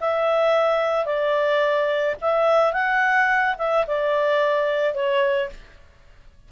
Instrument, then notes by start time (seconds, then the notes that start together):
clarinet
0.00 E5
1.05 D5
2.21 E5
2.73 F#5
3.58 E5
3.87 D5
4.94 C#5